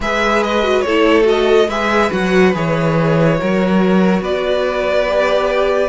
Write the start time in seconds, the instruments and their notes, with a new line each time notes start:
0.00 cello G#3, viola G#4, violin B4 E5
0.42 violin D#5
0.62 viola F#4
0.81 cello A3, violin A4 C#5
0.88 viola E4
1.23 viola F#4, violin D#5
1.67 cello G#3, viola G#4, violin B4 E5
2.10 cello F#3, viola F#4, violin F#5
2.53 cello E3, viola G#4, violin C#5
3.37 cello F#3, viola F#4, violin A#4
4.20 cello B3, violin B4 D5
5.09 viola G4